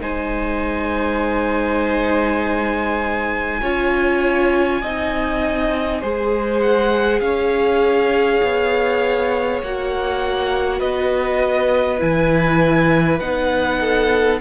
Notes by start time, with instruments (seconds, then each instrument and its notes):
0.00 cello G#3, viola D#4, violin C5 G#5
3.61 cello C#4, viola F4, violin C#5
4.81 cello C4, viola D#4, violin D#5
6.00 cello G#3, viola G#4, violin C5
6.60 violin F#5
7.20 cello C#4, violin C#5 F5
8.42 cello B3
9.62 cello A#3, viola F#4, violin F#5
10.79 cello B3, violin B4 D#5
11.98 cello E3, viola E4, violin G#5
13.19 cello B3, viola D#4, violin F#5
13.80 violin A4